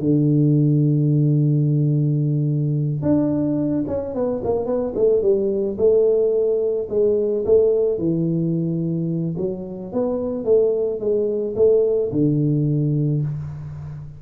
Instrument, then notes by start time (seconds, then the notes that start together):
tuba
0.00 D3
3.03 D4
3.88 C#4
4.15 B3
4.44 A#3
4.66 B3
4.95 A3
5.22 G3
5.78 A3
6.90 G#3
7.46 A3
7.99 E3
9.38 F#3
9.93 B3
10.45 A3
11.00 G#3
11.56 A3
12.12 D3